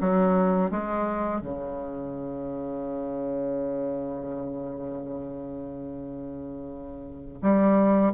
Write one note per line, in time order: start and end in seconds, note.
0.00 0.71 F#3
0.71 1.41 G#3
1.41 7.41 C#3
7.42 8.12 G3